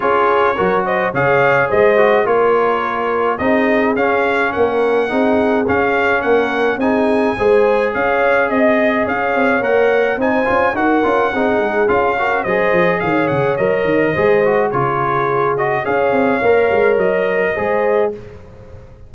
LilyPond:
<<
  \new Staff \with { instrumentName = "trumpet" } { \time 4/4 \tempo 4 = 106 cis''4. dis''8 f''4 dis''4 | cis''2 dis''4 f''4 | fis''2 f''4 fis''4 | gis''2 f''4 dis''4 |
f''4 fis''4 gis''4 fis''4~ | fis''4 f''4 dis''4 f''8 fis''8 | dis''2 cis''4. dis''8 | f''2 dis''2 | }
  \new Staff \with { instrumentName = "horn" } { \time 4/4 gis'4 ais'8 c''8 cis''4 c''4 | ais'2 gis'2 | ais'4 gis'2 ais'4 | gis'4 c''4 cis''4 dis''4 |
cis''2 c''4 ais'4 | gis'4. ais'8 c''4 cis''4~ | cis''4 c''4 gis'2 | cis''2. c''4 | }
  \new Staff \with { instrumentName = "trombone" } { \time 4/4 f'4 fis'4 gis'4. fis'8 | f'2 dis'4 cis'4~ | cis'4 dis'4 cis'2 | dis'4 gis'2.~ |
gis'4 ais'4 dis'8 f'8 fis'8 f'8 | dis'4 f'8 fis'8 gis'2 | ais'4 gis'8 fis'8 f'4. fis'8 | gis'4 ais'2 gis'4 | }
  \new Staff \with { instrumentName = "tuba" } { \time 4/4 cis'4 fis4 cis4 gis4 | ais2 c'4 cis'4 | ais4 c'4 cis'4 ais4 | c'4 gis4 cis'4 c'4 |
cis'8 c'8 ais4 c'8 cis'8 dis'8 cis'8 | c'8 gis8 cis'4 fis8 f8 dis8 cis8 | fis8 dis8 gis4 cis2 | cis'8 c'8 ais8 gis8 fis4 gis4 | }
>>